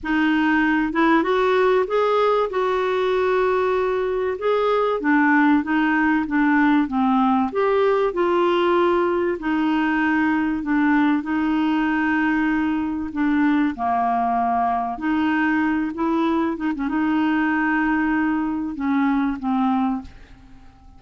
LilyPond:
\new Staff \with { instrumentName = "clarinet" } { \time 4/4 \tempo 4 = 96 dis'4. e'8 fis'4 gis'4 | fis'2. gis'4 | d'4 dis'4 d'4 c'4 | g'4 f'2 dis'4~ |
dis'4 d'4 dis'2~ | dis'4 d'4 ais2 | dis'4. e'4 dis'16 cis'16 dis'4~ | dis'2 cis'4 c'4 | }